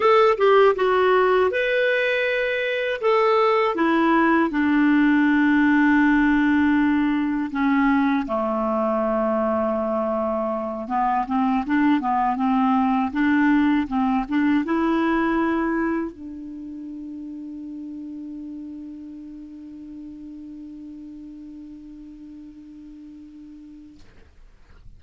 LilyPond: \new Staff \with { instrumentName = "clarinet" } { \time 4/4 \tempo 4 = 80 a'8 g'8 fis'4 b'2 | a'4 e'4 d'2~ | d'2 cis'4 a4~ | a2~ a8 b8 c'8 d'8 |
b8 c'4 d'4 c'8 d'8 e'8~ | e'4. d'2~ d'8~ | d'1~ | d'1 | }